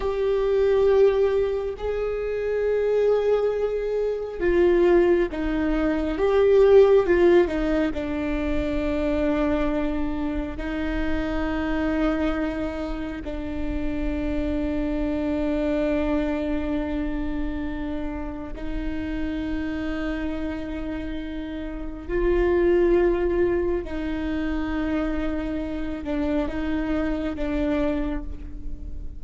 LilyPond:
\new Staff \with { instrumentName = "viola" } { \time 4/4 \tempo 4 = 68 g'2 gis'2~ | gis'4 f'4 dis'4 g'4 | f'8 dis'8 d'2. | dis'2. d'4~ |
d'1~ | d'4 dis'2.~ | dis'4 f'2 dis'4~ | dis'4. d'8 dis'4 d'4 | }